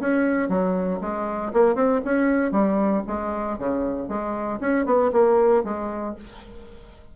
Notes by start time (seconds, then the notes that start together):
0.00 C#4
0.49 F#3
1.01 G#3
1.53 A#3
1.75 C4
2.05 C#4
2.52 G3
3.07 G#3
3.59 C#3
4.09 G#3
4.61 C#4
4.86 B3
5.13 A#3
5.64 G#3